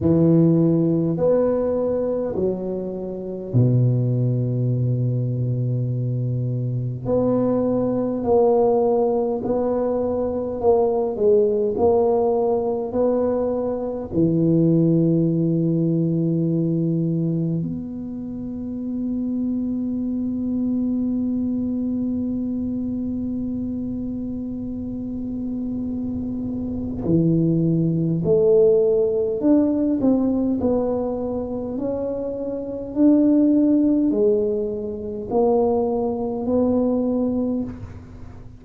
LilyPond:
\new Staff \with { instrumentName = "tuba" } { \time 4/4 \tempo 4 = 51 e4 b4 fis4 b,4~ | b,2 b4 ais4 | b4 ais8 gis8 ais4 b4 | e2. b4~ |
b1~ | b2. e4 | a4 d'8 c'8 b4 cis'4 | d'4 gis4 ais4 b4 | }